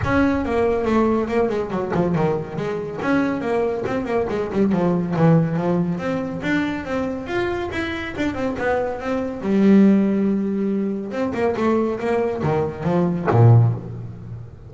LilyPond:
\new Staff \with { instrumentName = "double bass" } { \time 4/4 \tempo 4 = 140 cis'4 ais4 a4 ais8 gis8 | fis8 f8 dis4 gis4 cis'4 | ais4 c'8 ais8 gis8 g8 f4 | e4 f4 c'4 d'4 |
c'4 f'4 e'4 d'8 c'8 | b4 c'4 g2~ | g2 c'8 ais8 a4 | ais4 dis4 f4 ais,4 | }